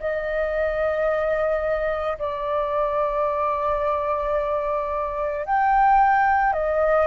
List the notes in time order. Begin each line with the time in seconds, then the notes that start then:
0.00 D#5
2.19 D5
5.46 G5
6.54 D#5